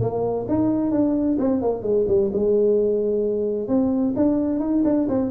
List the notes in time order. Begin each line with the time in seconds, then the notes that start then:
0.00 A#3
0.48 D#4
0.91 D4
1.39 C4
1.61 A#3
1.82 G#3
2.07 G3
2.32 G#3
3.68 C4
4.16 D4
4.59 D#4
4.84 D4
5.09 C4